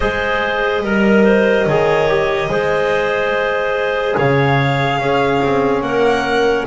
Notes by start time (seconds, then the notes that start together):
0.00 G#3 G#4 C5 D#5
0.82 G3 A#4
1.24 C5
1.66 D#3 G#4 C#5
2.08 G4
2.48 G#3 G#4 C5
4.15 C#3 C#5 F5
4.98 C#4 G#4
5.43 C4
5.81 A#3 A#4 F#5